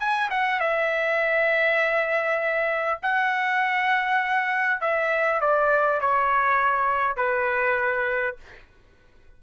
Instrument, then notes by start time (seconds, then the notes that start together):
trumpet
0.00 G#5
0.31 F#5
0.60 E5
3.02 F#5
4.81 E5
5.41 D5
6.01 C#5
7.16 B4